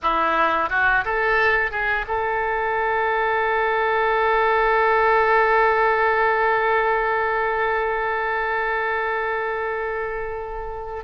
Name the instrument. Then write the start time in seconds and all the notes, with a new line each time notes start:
oboe
0.02 E4
0.69 F#4
1.04 A4
1.71 G#4
2.07 A4